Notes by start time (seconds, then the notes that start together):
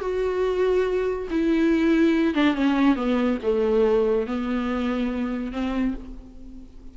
0.00 F#4
1.30 E4
2.34 D4
2.54 C#4
2.95 B3
3.42 A3
4.26 B3
5.51 C4